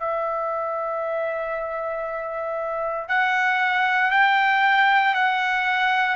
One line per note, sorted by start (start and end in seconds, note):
0.00 3.08 E5
3.08 4.11 F#5
4.11 5.15 G5
5.15 6.16 F#5